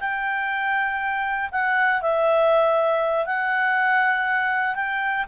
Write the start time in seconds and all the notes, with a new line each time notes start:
0.00 G5
1.51 F#5
2.02 E5
3.26 F#5
4.75 G5